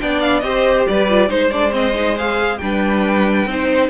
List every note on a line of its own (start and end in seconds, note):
0.00 0.43 B3
0.00 0.43 D4
0.00 0.45 D5
0.00 0.21 G5
0.21 0.40 F5
0.40 0.87 C4
0.40 1.09 G4
0.40 0.89 C5
0.40 0.83 D#5
0.88 1.30 G3
0.88 1.29 B4
0.88 1.31 D5
1.09 1.29 F4
1.29 2.60 G#3
1.29 1.50 D#4
1.29 2.59 C5
1.29 1.51 C5
1.51 1.71 D4
1.51 1.72 D5
1.71 1.93 C4
1.71 2.18 D#5
1.94 2.16 D#4
2.17 2.61 G#4
2.17 2.58 F5
2.58 3.46 G3
2.58 3.48 D4
2.58 3.50 B4
2.58 3.89 G5
3.46 3.89 C4
3.46 3.90 D#4
3.46 3.90 C5